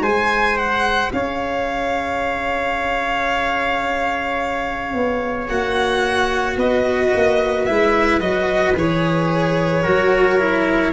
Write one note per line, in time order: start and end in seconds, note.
0.00 1.09 G#3
0.00 1.11 C5
0.00 0.57 G#5
0.07 5.50 G#4
0.57 1.12 F#5
1.12 4.93 C#4
1.12 6.58 C#5
1.12 5.47 F5
4.93 5.48 B3
5.47 6.56 A#3
5.47 7.67 F#4
5.47 6.56 F#5
6.56 7.10 B3
6.56 9.82 B4
6.56 7.65 D#5
7.15 7.69 A#3
7.65 8.20 G#3
7.65 8.20 E4
7.65 8.19 E5
8.20 8.74 F#3
8.20 8.74 F#4
8.20 8.74 D#5
8.75 9.84 E3
8.75 9.85 G#4
8.75 10.92 C#5
9.82 10.92 F#3
9.82 10.39 F#4
9.82 10.92 A#4
10.39 10.92 E4